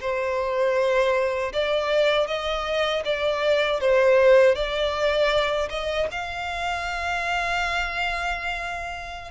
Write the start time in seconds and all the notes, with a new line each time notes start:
0.00 C5
1.52 D5
2.27 D#5
3.04 D5
3.80 C5
4.55 D5
5.69 D#5
6.11 F5